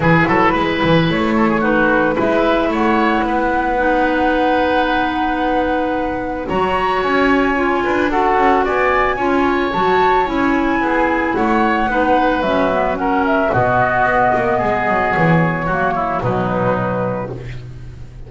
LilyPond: <<
  \new Staff \with { instrumentName = "flute" } { \time 4/4 \tempo 4 = 111 b'2 cis''4 b'4 | e''4 fis''2.~ | fis''1 | ais''4 gis''2 fis''4 |
gis''2 a''4 gis''4~ | gis''4 fis''2 e''4 | fis''8 e''8 dis''2. | cis''2 b'2 | }
  \new Staff \with { instrumentName = "oboe" } { \time 4/4 gis'8 a'8 b'4. a'16 gis'16 fis'4 | b'4 cis''4 b'2~ | b'1 | cis''2~ cis''8 b'8 a'4 |
d''4 cis''2. | gis'4 cis''4 b'2 | ais'4 fis'2 gis'4~ | gis'4 fis'8 e'8 dis'2 | }
  \new Staff \with { instrumentName = "clarinet" } { \time 4/4 e'2. dis'4 | e'2. dis'4~ | dis'1 | fis'2 f'4 fis'4~ |
fis'4 f'4 fis'4 e'4~ | e'2 dis'4 cis'8 b8 | cis'4 b2.~ | b4 ais4 fis2 | }
  \new Staff \with { instrumentName = "double bass" } { \time 4/4 e8 fis8 gis8 e8 a2 | gis4 a4 b2~ | b1 | fis4 cis'4. d'4 cis'8 |
b4 cis'4 fis4 cis'4 | b4 a4 b4 fis4~ | fis4 b,4 b8 ais8 gis8 fis8 | e4 fis4 b,2 | }
>>